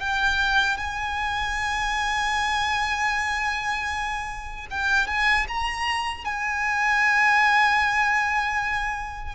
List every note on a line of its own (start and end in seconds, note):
0.00 0.78 G5
0.78 4.67 G#5
4.70 5.08 G5
5.08 5.47 G#5
5.48 6.25 A#5
6.25 9.35 G#5